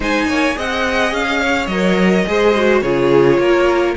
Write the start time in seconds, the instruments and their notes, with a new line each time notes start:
0.00 cello G#3, viola D#4, violin C5 G#5
0.27 cello A#3, violin C#5
0.54 cello C4, viola G#4, violin D#5 F#5
1.12 cello C#4, violin F5
1.41 violin C#5
1.66 cello F#3, viola A#4, violin D#5
2.27 cello G#3, viola G#4, violin C5
2.55 viola F#4
2.81 cello C#3, viola F4, violin G#4 C#5
3.38 cello A#3, violin A#4